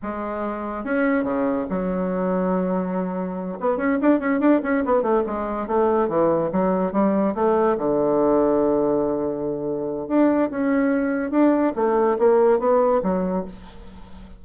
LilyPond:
\new Staff \with { instrumentName = "bassoon" } { \time 4/4 \tempo 4 = 143 gis2 cis'4 cis4 | fis1~ | fis8 b8 cis'8 d'8 cis'8 d'8 cis'8 b8 | a8 gis4 a4 e4 fis8~ |
fis8 g4 a4 d4.~ | d1 | d'4 cis'2 d'4 | a4 ais4 b4 fis4 | }